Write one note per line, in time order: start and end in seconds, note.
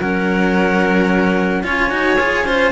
0.00 1.64 F#3
0.00 1.64 C#4
0.00 1.64 A#4
0.00 1.65 F#5
1.64 1.91 C#4
1.64 1.90 F4
1.64 2.47 C#5
1.64 2.72 G#5
1.90 2.18 D#4
1.90 2.17 F#4
2.18 2.45 F4
2.18 2.47 G#4
2.45 2.72 C#4
2.45 2.72 F4
2.45 2.72 C5